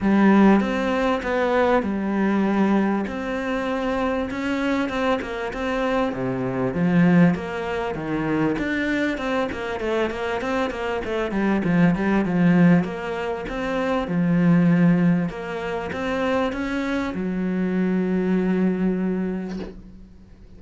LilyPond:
\new Staff \with { instrumentName = "cello" } { \time 4/4 \tempo 4 = 98 g4 c'4 b4 g4~ | g4 c'2 cis'4 | c'8 ais8 c'4 c4 f4 | ais4 dis4 d'4 c'8 ais8 |
a8 ais8 c'8 ais8 a8 g8 f8 g8 | f4 ais4 c'4 f4~ | f4 ais4 c'4 cis'4 | fis1 | }